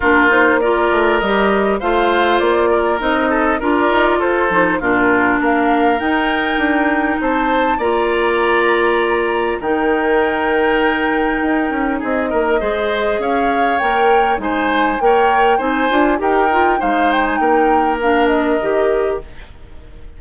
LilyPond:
<<
  \new Staff \with { instrumentName = "flute" } { \time 4/4 \tempo 4 = 100 ais'8 c''8 d''4 dis''4 f''4 | d''4 dis''4 d''4 c''4 | ais'4 f''4 g''2 | a''4 ais''2. |
g''1 | dis''2 f''4 g''4 | gis''4 g''4 gis''4 g''4 | f''8 g''16 gis''16 g''4 f''8 dis''4. | }
  \new Staff \with { instrumentName = "oboe" } { \time 4/4 f'4 ais'2 c''4~ | c''8 ais'4 a'8 ais'4 a'4 | f'4 ais'2. | c''4 d''2. |
ais'1 | gis'8 ais'8 c''4 cis''2 | c''4 cis''4 c''4 ais'4 | c''4 ais'2. | }
  \new Staff \with { instrumentName = "clarinet" } { \time 4/4 d'8 dis'8 f'4 g'4 f'4~ | f'4 dis'4 f'4. dis'8 | d'2 dis'2~ | dis'4 f'2. |
dis'1~ | dis'4 gis'2 ais'4 | dis'4 ais'4 dis'8 f'8 g'8 f'8 | dis'2 d'4 g'4 | }
  \new Staff \with { instrumentName = "bassoon" } { \time 4/4 ais4. a8 g4 a4 | ais4 c'4 d'8 dis'8 f'8 f8 | ais,4 ais4 dis'4 d'4 | c'4 ais2. |
dis2. dis'8 cis'8 | c'8 ais8 gis4 cis'4 ais4 | gis4 ais4 c'8 d'8 dis'4 | gis4 ais2 dis4 | }
>>